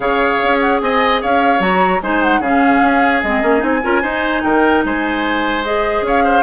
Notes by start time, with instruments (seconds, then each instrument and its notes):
0.00 bassoon C#3, clarinet G#4, oboe C#5, flute F5
0.42 bassoon C#4
0.60 flute F#5
0.81 bassoon C4, oboe D#5, flute G#5
1.21 bassoon C#4, oboe C#5, flute F5
1.59 bassoon F#3, clarinet F#4, flute A#5
2.01 bassoon G#3, clarinet D#4, oboe C5, flute G#5
2.22 flute F#5
2.39 bassoon C#3, clarinet C#4, oboe G#4, flute F5
2.81 bassoon C#4
3.22 bassoon G#3, clarinet C4, flute D#5
3.42 bassoon A#3, clarinet C#4
3.59 bassoon C4, clarinet D#4, flute G#5
3.83 bassoon C#4, clarinet F4, oboe A#4
4.02 clarinet D#4, bassoon D#4, oboe C5
4.42 bassoon D#3, oboe A#4, flute G5
4.84 bassoon G#3, oboe C5, flute G#5
5.64 clarinet G#4, flute D#5
6.01 bassoon C#4, oboe C#5
6.08 flute F5
6.24 oboe C5